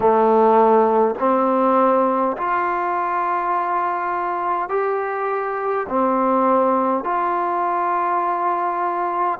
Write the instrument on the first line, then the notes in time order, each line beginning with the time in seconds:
trombone
0.00 A3
1.19 C4
2.37 F4
4.68 G4
5.88 C4
7.04 F4